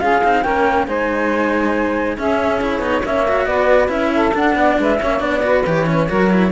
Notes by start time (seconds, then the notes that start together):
0.00 C#4 F4 G#4 F5
0.24 C4 D#4
0.43 A#3 C#4 A#4 G5
0.87 G#3 D#4 C5 G#5
2.17 C#4 G#4 E5
2.62 E4 C#5
2.79 B3 D#4
3.03 A#3 C#4 C#5 E5
3.29 F#4
3.46 B3 B4 D5
3.88 C#4 E4 E5
4.14 A4
4.34 D4 F#5
4.55 B3 D5
4.79 G#3 B4 E5
5.00 A#3 C#4 C#5
5.20 B3 D4 D5
5.43 F#4 B4
5.67 E3 G4 C#5
5.87 C#4
6.08 F#3 F#4 A#4
6.31 E4